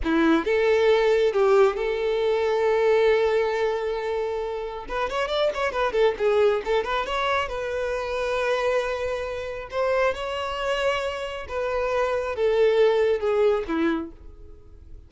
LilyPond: \new Staff \with { instrumentName = "violin" } { \time 4/4 \tempo 4 = 136 e'4 a'2 g'4 | a'1~ | a'2. b'8 cis''8 | d''8 cis''8 b'8 a'8 gis'4 a'8 b'8 |
cis''4 b'2.~ | b'2 c''4 cis''4~ | cis''2 b'2 | a'2 gis'4 e'4 | }